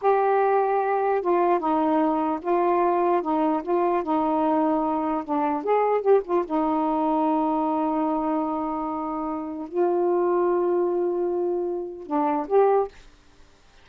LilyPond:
\new Staff \with { instrumentName = "saxophone" } { \time 4/4 \tempo 4 = 149 g'2. f'4 | dis'2 f'2 | dis'4 f'4 dis'2~ | dis'4 d'4 gis'4 g'8 f'8 |
dis'1~ | dis'1 | f'1~ | f'2 d'4 g'4 | }